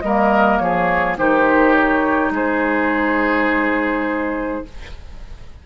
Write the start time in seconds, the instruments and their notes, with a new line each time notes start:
0.00 bassoon G3, clarinet A#3, oboe A#4, flute D#5
0.58 bassoon F3, oboe G#4, flute C#5
1.17 bassoon D#3, clarinet D#4, oboe G4, flute C5
1.73 flute C#5
2.30 bassoon G#3, oboe G#4, flute C5